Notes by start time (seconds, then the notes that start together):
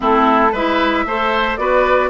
0.00 A3 C4 E4 A4
0.52 G#3 E4 B4 E5
1.06 A3 A4 C5
1.56 B3 F#4 B4 D5